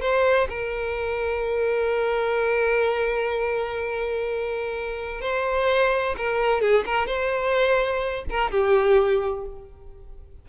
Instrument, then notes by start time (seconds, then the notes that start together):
violin
0.00 C5
0.49 A#4
5.21 C5
6.17 A#4
6.61 G#4
6.85 A#4
7.06 C5
8.29 A#4
8.51 G4